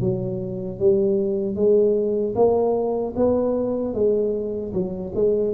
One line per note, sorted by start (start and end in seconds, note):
0.00 0.79 F#3
0.79 1.55 G3
1.55 2.34 G#3
2.35 3.14 A#3
3.16 3.94 B3
3.94 4.73 G#3
4.73 5.12 F#3
5.15 5.53 G#3